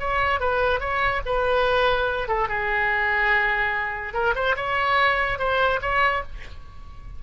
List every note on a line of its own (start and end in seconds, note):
0.00 0.41 C#5
0.41 0.80 B4
0.80 1.22 C#5
1.26 2.28 B4
2.28 2.49 A4
2.49 4.14 G#4
4.14 4.35 A#4
4.36 4.56 C5
4.56 5.39 C#5
5.39 5.81 C5
5.82 6.23 C#5